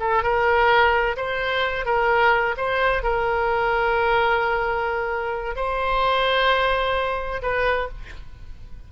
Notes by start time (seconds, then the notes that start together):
0.00 A4
0.23 A#4
1.17 C5
1.86 A#4
2.57 C5
3.03 A#4
5.56 C5
7.42 B4